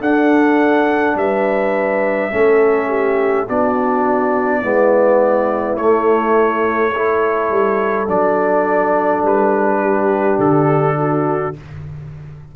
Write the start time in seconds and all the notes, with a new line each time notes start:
0.00 D4 A4 F#5
1.14 G3 B4 E5
2.31 A3 C#4 A4
2.88 G4
3.46 B3 D4 F#4 D5
4.59 G#3 B3 E4
5.76 A3 C#5
6.94 E4 A4
7.50 G3
8.07 F#3 D4 D5
9.22 G3 B4
9.80 G4
10.38 D3 A4
10.97 F#4